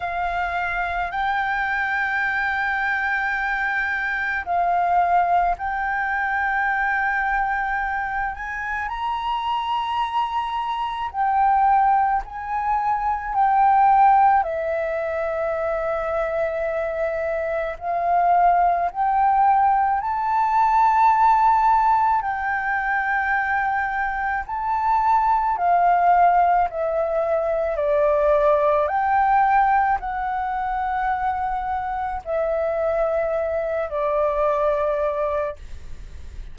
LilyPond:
\new Staff \with { instrumentName = "flute" } { \time 4/4 \tempo 4 = 54 f''4 g''2. | f''4 g''2~ g''8 gis''8 | ais''2 g''4 gis''4 | g''4 e''2. |
f''4 g''4 a''2 | g''2 a''4 f''4 | e''4 d''4 g''4 fis''4~ | fis''4 e''4. d''4. | }